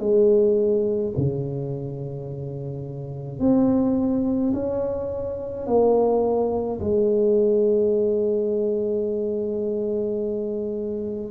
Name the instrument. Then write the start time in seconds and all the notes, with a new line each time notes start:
tuba
0.00 G#3
1.17 C#3
3.40 C4
4.54 C#4
5.67 A#3
6.81 G#3